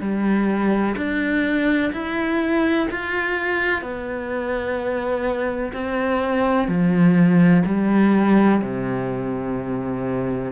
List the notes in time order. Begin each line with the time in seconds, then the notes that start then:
0.00 G3
0.97 D4
1.93 E4
2.90 F4
3.81 B3
5.73 C4
6.68 F3
7.65 G3
8.61 C3